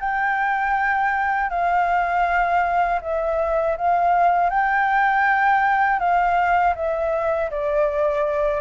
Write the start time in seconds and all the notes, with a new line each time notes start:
0.00 G5
1.50 F5
3.02 E5
3.77 F5
4.50 G5
6.00 F5
6.76 E5
7.51 D5